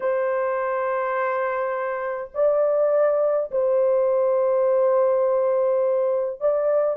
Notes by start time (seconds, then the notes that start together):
0.00 C5
2.34 D5
3.51 C5
6.40 D5